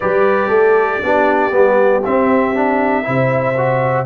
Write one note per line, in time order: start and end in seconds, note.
0.00 0.50 G3
0.00 1.02 G4
0.00 0.47 B4
0.00 2.03 D5
0.47 1.01 A3
0.47 0.98 A4
1.03 1.53 B3
1.03 1.51 D4
1.03 3.06 G4
1.51 2.03 G3
1.51 2.01 B3
2.04 2.54 C4
2.04 3.07 C4
2.04 4.05 E5
2.54 3.03 D4
3.03 4.05 C3
3.03 3.54 E4
3.03 4.05 C5
3.57 4.05 F#4